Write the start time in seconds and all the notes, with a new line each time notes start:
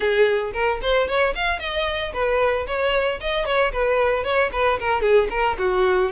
0.00 G#4
0.53 A#4
0.81 C5
1.08 C#5
1.35 F5
1.59 D#5
2.13 B4
2.67 C#5
3.20 D#5
3.45 C#5
3.72 B4
4.23 C#5
4.52 B4
4.79 A#4
5.01 G#4
5.30 A#4
5.58 F#4